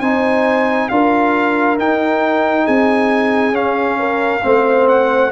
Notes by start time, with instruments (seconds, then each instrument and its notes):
0.00 tuba C4, trombone D#4, horn C5, trumpet G#5
0.88 tuba D4, trombone F4, horn A#4, trumpet F5
1.78 tuba D#4, trombone D#4, trumpet G5
2.64 tuba C4, horn G#4, trumpet G#5
3.51 tuba C#4, trombone C#4, trumpet F5
3.99 horn A#4
4.42 tuba A3, trombone C4, horn C5
4.87 trumpet F#5